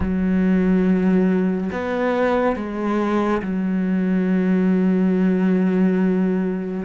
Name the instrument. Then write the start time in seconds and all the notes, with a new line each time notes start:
cello
0.00 F#3
1.72 B3
2.56 G#3
3.42 F#3